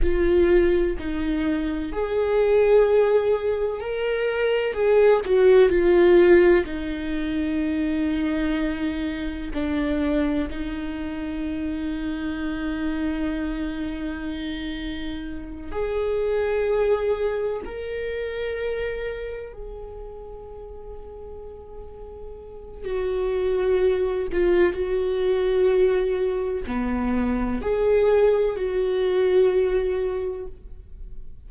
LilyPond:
\new Staff \with { instrumentName = "viola" } { \time 4/4 \tempo 4 = 63 f'4 dis'4 gis'2 | ais'4 gis'8 fis'8 f'4 dis'4~ | dis'2 d'4 dis'4~ | dis'1~ |
dis'8 gis'2 ais'4.~ | ais'8 gis'2.~ gis'8 | fis'4. f'8 fis'2 | b4 gis'4 fis'2 | }